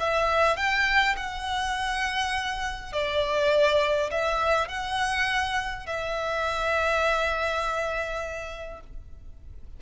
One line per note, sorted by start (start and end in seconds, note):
0.00 0.57 E5
0.57 1.16 G5
1.17 2.93 F#5
2.93 4.11 D5
4.11 4.69 E5
4.69 5.86 F#5
5.86 8.80 E5